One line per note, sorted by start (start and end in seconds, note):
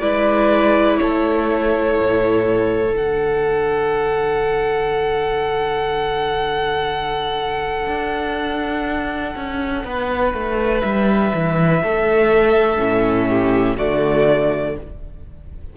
0.00 0.99 G#3
0.00 2.96 E4
0.00 0.99 B4
0.00 0.97 D5
0.97 2.00 A3
0.97 9.85 A4
0.97 2.94 C#5
2.00 2.95 A2
2.95 7.87 D3
2.95 12.78 D4
2.95 10.80 F#5
7.87 9.34 D4
9.35 9.84 C#4
9.84 10.33 B3
9.84 11.82 B4
10.33 10.82 A3
10.80 11.33 G3
10.80 13.75 E5
11.33 11.83 E3
11.82 12.78 A3
11.82 13.28 A4
12.78 13.77 A2
12.78 13.76 C#4
13.28 13.76 G4
13.76 14.76 D3
13.76 14.76 A3
13.76 14.74 F#4
13.76 14.76 D5